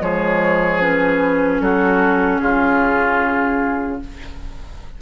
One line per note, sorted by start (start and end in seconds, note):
0.00 1.61 F3
0.00 0.80 G#3
0.00 1.62 G#4
0.00 0.81 C#5
0.81 4.01 C#4
0.81 1.60 B4
1.60 2.41 F#3
1.60 2.42 F#4
1.60 2.39 A4
2.39 4.01 C#3
2.39 4.02 F4
2.39 3.99 G#4